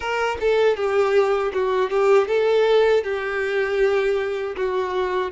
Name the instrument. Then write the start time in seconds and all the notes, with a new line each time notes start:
violin
0.00 A#4
0.40 A4
0.76 G4
1.53 F#4
1.90 G4
2.27 A4
3.03 G4
4.56 F#4